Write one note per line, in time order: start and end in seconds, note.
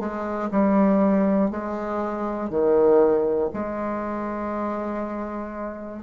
0.00 0.50 G#3
0.52 1.51 G3
1.51 2.50 G#3
2.50 3.50 D#3
3.54 6.04 G#3